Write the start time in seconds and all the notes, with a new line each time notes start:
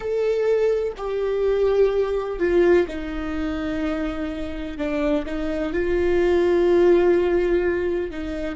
0.00 A4
0.97 G4
2.39 F4
2.87 D#4
4.77 D4
5.26 D#4
5.72 F4
8.10 D#4